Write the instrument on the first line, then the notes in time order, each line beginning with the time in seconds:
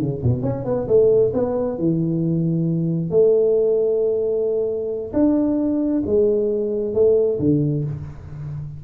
tuba
0.00 C#3
0.23 B2
0.43 C#4
0.65 B3
0.88 A3
1.34 B3
1.78 E3
3.10 A3
5.13 D4
6.06 G#3
6.94 A3
7.39 D3